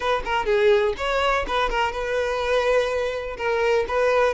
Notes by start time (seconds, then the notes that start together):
0.00 B4
0.24 A#4
0.45 G#4
0.97 C#5
1.47 B4
1.69 A#4
1.91 B4
3.37 A#4
3.88 B4